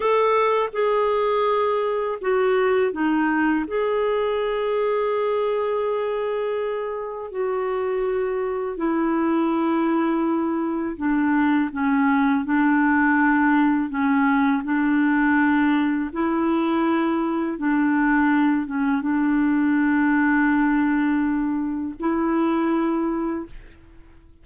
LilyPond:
\new Staff \with { instrumentName = "clarinet" } { \time 4/4 \tempo 4 = 82 a'4 gis'2 fis'4 | dis'4 gis'2.~ | gis'2 fis'2 | e'2. d'4 |
cis'4 d'2 cis'4 | d'2 e'2 | d'4. cis'8 d'2~ | d'2 e'2 | }